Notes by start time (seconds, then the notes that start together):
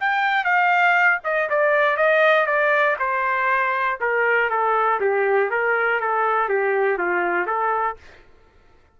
0.00 G5
0.44 F5
1.24 D#5
1.50 D5
1.97 D#5
2.46 D5
2.99 C5
4.00 A#4
4.50 A4
5.00 G4
5.50 A#4
6.00 A4
6.49 G4
6.98 F4
7.46 A4